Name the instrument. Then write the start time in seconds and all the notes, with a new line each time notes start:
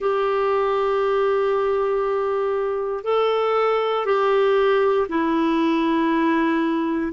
clarinet
0.00 G4
3.04 A4
4.05 G4
5.08 E4